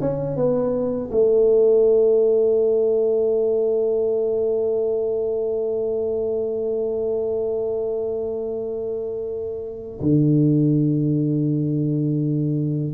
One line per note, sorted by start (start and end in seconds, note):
0.00 0.36 C#4
0.36 1.10 B3
1.11 10.00 A3
10.00 12.93 D3